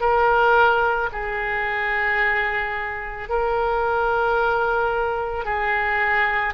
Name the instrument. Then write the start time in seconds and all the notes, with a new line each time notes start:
oboe
0.00 A#4
1.12 G#4
3.28 A#4
5.45 G#4